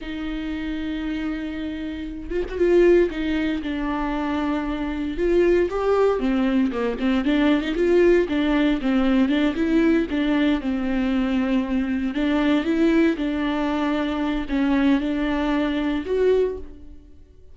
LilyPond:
\new Staff \with { instrumentName = "viola" } { \time 4/4 \tempo 4 = 116 dis'1~ | dis'8 f'16 fis'16 f'4 dis'4 d'4~ | d'2 f'4 g'4 | c'4 ais8 c'8 d'8. dis'16 f'4 |
d'4 c'4 d'8 e'4 d'8~ | d'8 c'2. d'8~ | d'8 e'4 d'2~ d'8 | cis'4 d'2 fis'4 | }